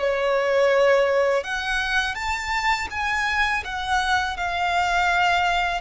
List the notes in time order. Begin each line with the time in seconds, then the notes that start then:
0.00 C#5
1.44 F#5
2.15 A5
2.91 G#5
3.65 F#5
4.37 F5